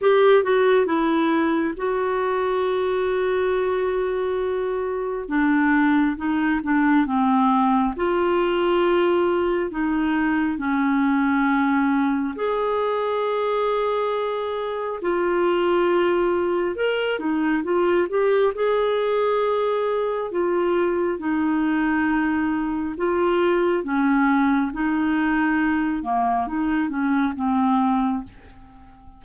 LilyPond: \new Staff \with { instrumentName = "clarinet" } { \time 4/4 \tempo 4 = 68 g'8 fis'8 e'4 fis'2~ | fis'2 d'4 dis'8 d'8 | c'4 f'2 dis'4 | cis'2 gis'2~ |
gis'4 f'2 ais'8 dis'8 | f'8 g'8 gis'2 f'4 | dis'2 f'4 cis'4 | dis'4. ais8 dis'8 cis'8 c'4 | }